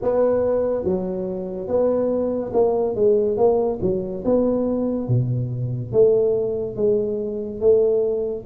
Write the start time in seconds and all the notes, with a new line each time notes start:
0.02 B3
0.84 F#3
1.67 B3
2.53 A#3
2.95 G#3
3.36 A#3
3.81 F#3
4.24 B3
5.08 B2
5.92 A3
6.76 G#3
7.60 A3